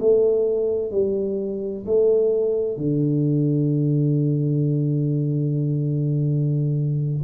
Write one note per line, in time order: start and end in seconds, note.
0.00 0.91 A3
0.91 1.85 G3
1.86 2.77 A3
2.77 7.22 D3